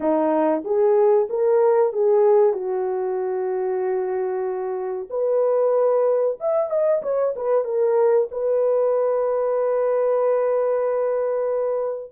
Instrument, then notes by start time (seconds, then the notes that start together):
horn
0.00 D#4
0.64 G#4
1.29 A#4
1.93 G#4
2.53 F#4
5.10 B4
6.39 E5
6.70 D#5
7.02 C#5
7.36 B4
7.64 A#4
8.31 B4